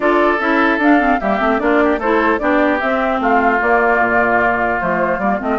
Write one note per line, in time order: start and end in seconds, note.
0.00 0.38 D4
0.00 0.38 F4
0.00 1.20 A4
0.00 0.39 D5
0.39 0.78 C#4
0.39 0.80 E4
0.39 0.80 E5
0.78 1.18 D4
0.78 0.99 D4
0.78 1.20 F5
0.99 1.19 C4
1.20 1.40 G3
1.20 1.39 A#3
1.20 1.60 G4
1.20 1.59 E5
1.39 1.60 A3
1.39 1.58 C4
1.58 1.98 A#3
1.58 1.98 D4
1.58 1.83 F4
1.58 1.99 D5
1.83 1.99 G4
1.98 2.38 A3
1.98 2.39 E4
1.98 2.39 A4
1.98 2.38 C5
2.38 2.81 B3
2.38 2.79 D4
2.38 3.21 G4
2.38 2.78 D5
2.80 3.20 C4
2.80 3.59 C4
2.80 3.20 E5
3.20 3.60 A3
3.20 5.59 F4
3.20 3.61 F5
3.59 4.79 A#3
3.59 4.00 A#3
3.59 4.80 D5
4.00 4.80 A#2
4.80 5.18 F3
4.80 5.20 A3
4.80 5.19 C5
5.18 5.38 G3
5.18 5.39 A#3
5.18 5.39 D5
5.39 5.59 A3
5.39 5.59 C4
5.39 5.59 D#5